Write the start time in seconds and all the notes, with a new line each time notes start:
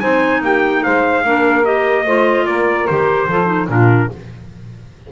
0.00 C4 D#4 C5 G#5
0.41 A#3 G4 G5
0.84 G#3 C5 F5
1.24 A#3 D4 A#4
1.64 G4 D#5
2.05 A3 F4 C5
2.46 A#3 A#4 D5
2.86 D#3 G4 C5
3.27 F3 F4 A4
3.46 D#4
3.68 A#2 D4 F4 A#4